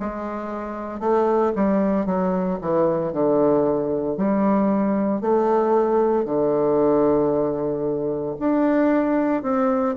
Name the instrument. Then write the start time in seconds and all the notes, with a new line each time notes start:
bassoon
0.00 G#3
1.00 A3
1.56 G3
2.06 F#3
2.61 E3
3.12 D3
4.17 G3
5.21 A3
6.25 D3
8.39 D4
9.43 C4